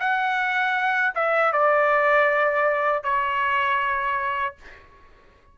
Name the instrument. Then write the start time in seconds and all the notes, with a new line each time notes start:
trumpet
0.00 F#5
1.15 E5
1.53 D5
3.04 C#5